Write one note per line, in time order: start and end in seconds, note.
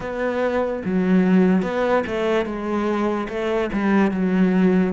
0.00 0.82 B3
0.84 1.62 F#3
1.62 2.03 B3
2.06 2.45 A3
2.45 3.27 G#3
3.28 3.69 A3
3.72 4.11 G3
4.11 4.93 F#3